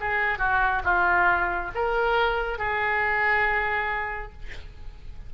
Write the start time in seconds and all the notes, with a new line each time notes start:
0.00 G#4
0.38 F#4
0.84 F4
1.75 A#4
2.58 G#4